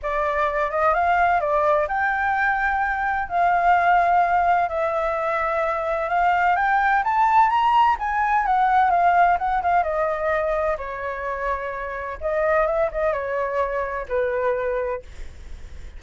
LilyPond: \new Staff \with { instrumentName = "flute" } { \time 4/4 \tempo 4 = 128 d''4. dis''8 f''4 d''4 | g''2. f''4~ | f''2 e''2~ | e''4 f''4 g''4 a''4 |
ais''4 gis''4 fis''4 f''4 | fis''8 f''8 dis''2 cis''4~ | cis''2 dis''4 e''8 dis''8 | cis''2 b'2 | }